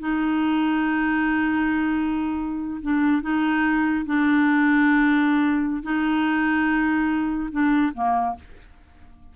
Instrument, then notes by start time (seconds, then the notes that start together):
clarinet
0.00 D#4
2.83 D4
3.23 D#4
4.06 D4
5.83 D#4
7.52 D4
7.95 A#3